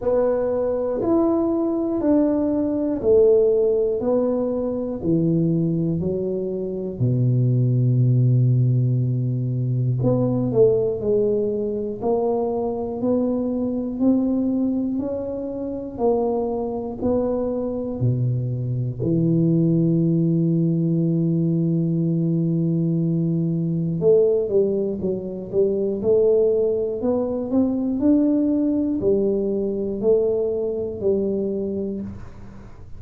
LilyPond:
\new Staff \with { instrumentName = "tuba" } { \time 4/4 \tempo 4 = 60 b4 e'4 d'4 a4 | b4 e4 fis4 b,4~ | b,2 b8 a8 gis4 | ais4 b4 c'4 cis'4 |
ais4 b4 b,4 e4~ | e1 | a8 g8 fis8 g8 a4 b8 c'8 | d'4 g4 a4 g4 | }